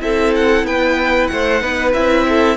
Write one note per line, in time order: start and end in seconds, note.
0.00 0.64 C4
0.00 1.61 E4
0.00 0.67 A4
0.00 0.34 E5
0.36 0.67 F#5
0.64 1.28 B3
0.64 1.31 B4
0.64 1.27 G5
1.27 1.62 A3
1.27 1.62 C5
1.27 1.92 F#5
1.61 1.94 B3
1.61 1.93 D#4
1.61 2.27 B4
1.94 2.57 C4
1.94 2.57 E4
1.94 2.57 E5
2.29 2.57 A4